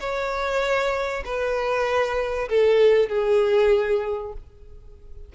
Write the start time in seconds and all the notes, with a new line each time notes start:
0.00 C#5
1.25 B4
2.49 A4
3.09 G#4